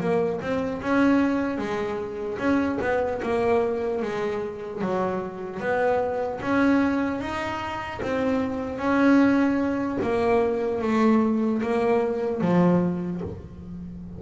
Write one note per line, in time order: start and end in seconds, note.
0.00 0.40 A#3
0.41 0.81 C4
0.81 1.58 C#4
1.58 2.38 G#3
2.38 2.78 C#4
2.81 3.21 B3
3.22 4.01 A#3
4.01 4.81 G#3
4.81 5.60 F#3
5.60 6.40 B3
6.41 7.20 C#4
7.20 8.00 D#4
8.01 8.78 C4
8.78 9.98 C#4
10.02 10.81 A#3
10.81 11.61 A3
11.61 12.41 A#3
12.41 13.21 F3